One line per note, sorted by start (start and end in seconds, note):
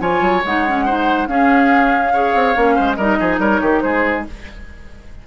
0.00 0.21 F3
0.00 0.43 F4
0.00 0.85 C#5
0.00 0.43 G#5
0.21 0.42 F#3
0.45 1.27 G#3
0.45 0.67 D#4
0.45 1.27 F#5
0.67 0.87 C#4
0.85 1.27 D#4
0.85 1.28 C5
1.27 2.34 C#4
1.27 2.12 C#4
1.27 2.13 G#4
1.27 2.94 F5
2.13 2.56 G#4
2.13 2.75 C#5
2.34 2.55 C4
2.56 2.77 A#3
2.56 2.98 C#4
2.75 2.97 G#3
2.75 2.96 C5
2.94 3.19 G3
2.94 4.27 D#4
2.94 3.18 A#4
2.94 3.37 D#5
3.20 3.39 F3
3.20 3.40 G#4
3.39 3.60 G3
3.39 3.61 A#4
3.39 3.80 C#5
3.61 3.82 D#3
3.61 3.82 G4
3.80 4.26 G#3
3.80 4.26 G#4
3.80 4.23 C5